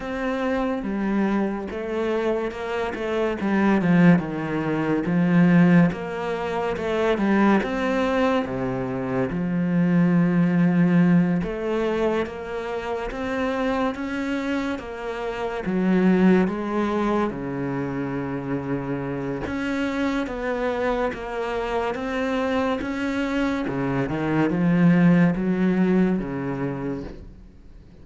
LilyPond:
\new Staff \with { instrumentName = "cello" } { \time 4/4 \tempo 4 = 71 c'4 g4 a4 ais8 a8 | g8 f8 dis4 f4 ais4 | a8 g8 c'4 c4 f4~ | f4. a4 ais4 c'8~ |
c'8 cis'4 ais4 fis4 gis8~ | gis8 cis2~ cis8 cis'4 | b4 ais4 c'4 cis'4 | cis8 dis8 f4 fis4 cis4 | }